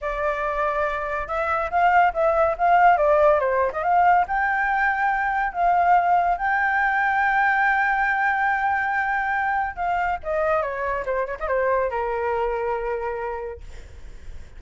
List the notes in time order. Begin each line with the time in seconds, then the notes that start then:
0.01 D5
1.27 E5
1.70 F5
2.13 E5
2.58 F5
2.97 D5
3.39 C5
3.72 D#5
3.83 F5
4.27 G5
5.52 F5
6.37 G5
9.76 F5
10.23 D#5
10.62 C#5
11.05 C5
11.26 C#5
11.39 D#5
11.47 C5
11.90 A#4